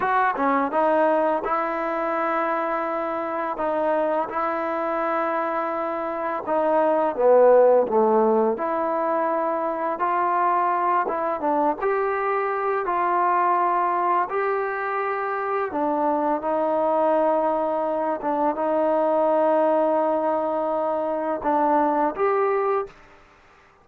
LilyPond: \new Staff \with { instrumentName = "trombone" } { \time 4/4 \tempo 4 = 84 fis'8 cis'8 dis'4 e'2~ | e'4 dis'4 e'2~ | e'4 dis'4 b4 a4 | e'2 f'4. e'8 |
d'8 g'4. f'2 | g'2 d'4 dis'4~ | dis'4. d'8 dis'2~ | dis'2 d'4 g'4 | }